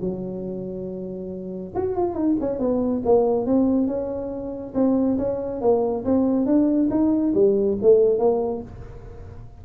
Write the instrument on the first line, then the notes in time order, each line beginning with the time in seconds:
tuba
0.00 F#3
1.75 F#4
1.95 F4
2.14 D#4
2.40 C#4
2.59 B3
3.05 A#3
3.46 C4
3.87 C#4
4.74 C4
5.18 C#4
5.61 A#3
6.05 C4
6.46 D4
6.90 D#4
7.34 G3
7.81 A3
8.18 A#3